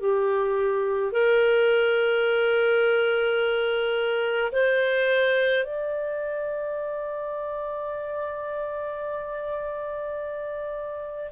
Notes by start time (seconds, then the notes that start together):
0.00 G4
1.12 A#4
4.52 C5
5.64 D5